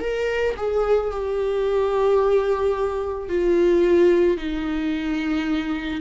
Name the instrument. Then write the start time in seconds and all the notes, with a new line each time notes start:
viola
0.00 A#4
0.57 G#4
1.11 G4
3.29 F4
4.37 D#4